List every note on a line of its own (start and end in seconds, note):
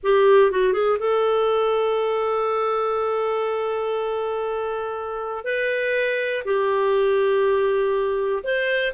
0.03 0.51 G4
0.51 0.73 F#4
0.73 0.98 G#4
0.98 5.44 A4
5.44 6.43 B4
6.44 8.43 G4
8.43 8.93 C5